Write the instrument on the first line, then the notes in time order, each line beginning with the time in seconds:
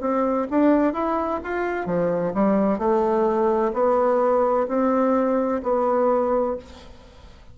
bassoon
0.00 C4
0.50 D4
0.93 E4
1.44 F4
1.86 F3
2.34 G3
2.78 A3
3.73 B3
4.68 C4
5.62 B3